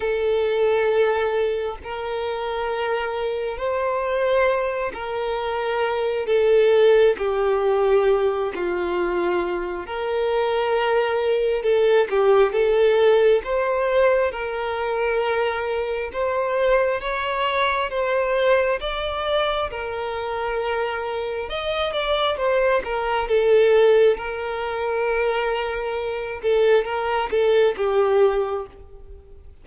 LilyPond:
\new Staff \with { instrumentName = "violin" } { \time 4/4 \tempo 4 = 67 a'2 ais'2 | c''4. ais'4. a'4 | g'4. f'4. ais'4~ | ais'4 a'8 g'8 a'4 c''4 |
ais'2 c''4 cis''4 | c''4 d''4 ais'2 | dis''8 d''8 c''8 ais'8 a'4 ais'4~ | ais'4. a'8 ais'8 a'8 g'4 | }